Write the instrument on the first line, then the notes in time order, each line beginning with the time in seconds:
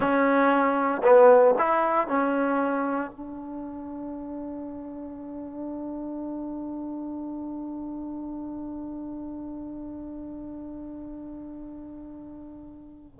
trombone
0.00 C#4
1.03 B3
1.58 E4
2.07 C#4
3.11 D4